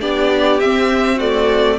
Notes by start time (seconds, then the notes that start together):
0.00 B3 D4 G4 D5
0.59 C4 E5
1.16 A3 F#4 D5